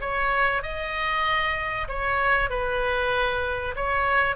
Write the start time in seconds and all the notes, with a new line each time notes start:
0.00 C#5
0.62 D#5
1.88 C#5
2.49 B4
3.76 C#5